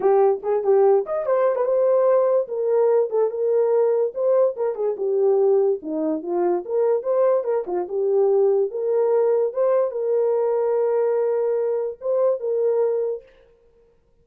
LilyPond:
\new Staff \with { instrumentName = "horn" } { \time 4/4 \tempo 4 = 145 g'4 gis'8 g'4 dis''8 c''8. b'16 | c''2 ais'4. a'8 | ais'2 c''4 ais'8 gis'8 | g'2 dis'4 f'4 |
ais'4 c''4 ais'8 f'8 g'4~ | g'4 ais'2 c''4 | ais'1~ | ais'4 c''4 ais'2 | }